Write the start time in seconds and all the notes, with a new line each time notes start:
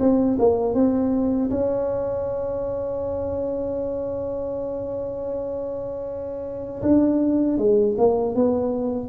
0.00 C4
0.39 A#3
0.74 C4
1.51 C#4
6.82 D4
7.58 G#3
7.98 A#3
8.35 B3